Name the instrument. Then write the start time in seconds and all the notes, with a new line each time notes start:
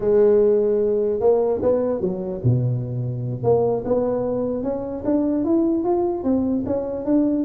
tuba
0.00 G#3
1.20 A#3
1.61 B3
2.00 F#3
2.43 B2
3.43 A#3
3.84 B3
4.63 C#4
5.04 D4
5.44 E4
5.84 F4
6.23 C4
6.66 C#4
7.05 D4